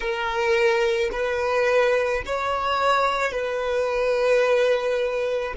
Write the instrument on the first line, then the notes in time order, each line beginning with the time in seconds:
violin
0.00 A#4
1.11 B4
2.26 C#5
3.31 B4